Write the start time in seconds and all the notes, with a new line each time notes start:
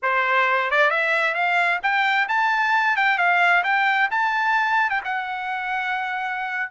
0.02 C5
0.70 D5
0.90 E5
1.34 F5
1.82 G5
2.28 A5
2.96 G5
3.17 F5
3.63 G5
4.10 A5
4.90 G5
5.04 F#5